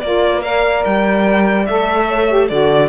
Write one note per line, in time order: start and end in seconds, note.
0.00 0.84 A#3
0.00 0.42 F4
0.00 0.34 A#4
0.00 0.41 D5
0.34 0.44 B4
0.42 1.66 A#4
0.42 2.07 D5
0.42 0.83 F5
0.84 1.68 G3
0.84 1.65 G5
1.65 2.50 A3
1.65 2.28 A4
1.65 2.48 E5
2.07 2.47 C#5
2.28 2.49 G4
2.47 2.89 D3
2.47 2.89 F#4
2.47 2.88 A4
2.47 2.89 D5